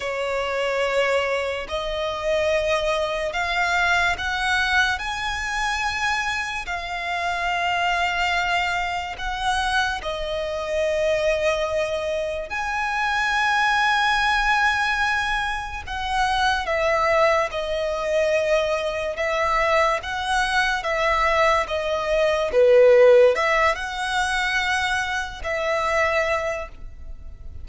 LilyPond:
\new Staff \with { instrumentName = "violin" } { \time 4/4 \tempo 4 = 72 cis''2 dis''2 | f''4 fis''4 gis''2 | f''2. fis''4 | dis''2. gis''4~ |
gis''2. fis''4 | e''4 dis''2 e''4 | fis''4 e''4 dis''4 b'4 | e''8 fis''2 e''4. | }